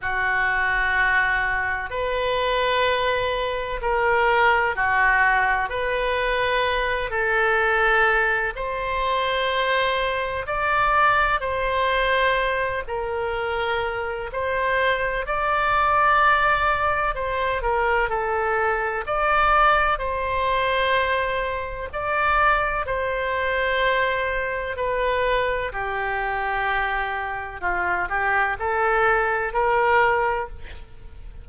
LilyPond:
\new Staff \with { instrumentName = "oboe" } { \time 4/4 \tempo 4 = 63 fis'2 b'2 | ais'4 fis'4 b'4. a'8~ | a'4 c''2 d''4 | c''4. ais'4. c''4 |
d''2 c''8 ais'8 a'4 | d''4 c''2 d''4 | c''2 b'4 g'4~ | g'4 f'8 g'8 a'4 ais'4 | }